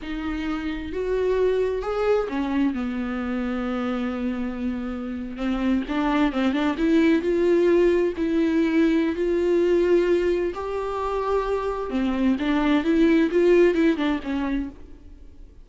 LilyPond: \new Staff \with { instrumentName = "viola" } { \time 4/4 \tempo 4 = 131 dis'2 fis'2 | gis'4 cis'4 b2~ | b2.~ b8. c'16~ | c'8. d'4 c'8 d'8 e'4 f'16~ |
f'4.~ f'16 e'2~ e'16 | f'2. g'4~ | g'2 c'4 d'4 | e'4 f'4 e'8 d'8 cis'4 | }